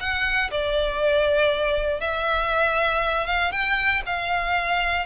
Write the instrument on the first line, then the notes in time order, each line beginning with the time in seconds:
violin
0.00 F#5
0.50 D5
2.00 E5
3.26 F5
3.52 G5
4.06 F5